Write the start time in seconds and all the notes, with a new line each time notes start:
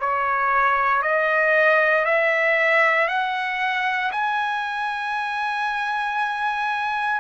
0.00 C#5
1.02 D#5
2.05 E5
3.08 F#5
4.12 G#5